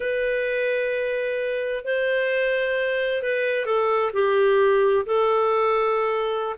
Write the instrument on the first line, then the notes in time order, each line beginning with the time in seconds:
clarinet
0.00 B4
1.84 C5
3.22 B4
3.65 A4
4.13 G4
5.06 A4